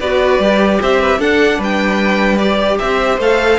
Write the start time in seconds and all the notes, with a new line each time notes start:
0.00 B3 F#4 B4 D5
0.39 G3 G4
0.82 C4 C5 E5
1.01 B4
1.19 D4 A4 F#5
1.58 G3 B4 G5
2.38 G4 D5
2.79 C4 C5 E5
3.18 A3 A4 F5